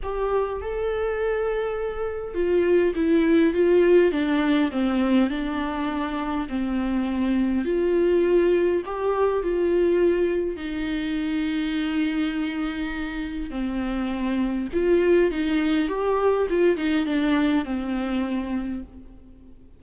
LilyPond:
\new Staff \with { instrumentName = "viola" } { \time 4/4 \tempo 4 = 102 g'4 a'2. | f'4 e'4 f'4 d'4 | c'4 d'2 c'4~ | c'4 f'2 g'4 |
f'2 dis'2~ | dis'2. c'4~ | c'4 f'4 dis'4 g'4 | f'8 dis'8 d'4 c'2 | }